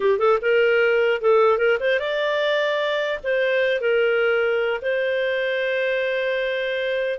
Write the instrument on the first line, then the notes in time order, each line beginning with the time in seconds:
clarinet
0.00 G4
0.18 A4
0.41 A#4
1.21 A4
1.57 A#4
1.80 C5
1.99 D5
3.23 C5
3.81 A#4
4.81 C5